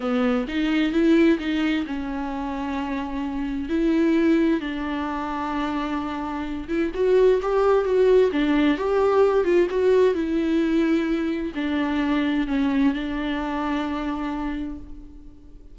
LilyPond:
\new Staff \with { instrumentName = "viola" } { \time 4/4 \tempo 4 = 130 b4 dis'4 e'4 dis'4 | cis'1 | e'2 d'2~ | d'2~ d'8 e'8 fis'4 |
g'4 fis'4 d'4 g'4~ | g'8 f'8 fis'4 e'2~ | e'4 d'2 cis'4 | d'1 | }